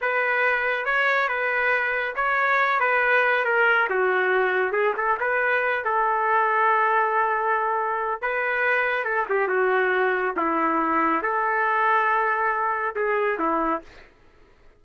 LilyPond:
\new Staff \with { instrumentName = "trumpet" } { \time 4/4 \tempo 4 = 139 b'2 cis''4 b'4~ | b'4 cis''4. b'4. | ais'4 fis'2 gis'8 a'8 | b'4. a'2~ a'8~ |
a'2. b'4~ | b'4 a'8 g'8 fis'2 | e'2 a'2~ | a'2 gis'4 e'4 | }